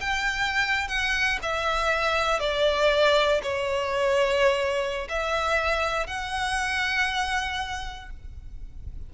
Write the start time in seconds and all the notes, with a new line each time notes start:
0.00 G5
0.88 F#5
1.42 E5
2.39 D5
3.43 C#5
5.08 E5
6.06 F#5